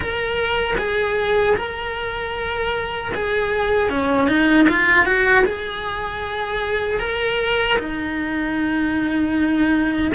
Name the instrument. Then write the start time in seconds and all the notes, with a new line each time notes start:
cello
0.00 A#4
0.78 G#4
1.56 A#4
3.14 G#4
3.89 C#4
4.28 D#4
4.69 F4
5.05 F#4
5.45 G#4
6.99 A#4
7.78 D#4